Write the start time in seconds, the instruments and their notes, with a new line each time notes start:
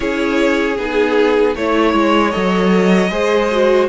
0.00 cello C#4, viola E4, violin G#4 C#5
0.77 cello B3, viola D#4, violin G#4
1.55 cello A3, viola E4, violin C#5
1.93 cello G#3
2.31 cello F#3, viola A4, violin D#5
3.10 cello G#3, viola G#4, violin C5
3.51 viola F#4